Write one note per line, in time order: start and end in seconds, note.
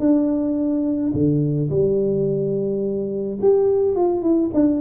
0.00 1.12 D4
1.14 1.70 D3
1.71 3.39 G3
3.42 3.96 G4
3.96 4.22 F4
4.22 4.50 E4
4.54 4.81 D4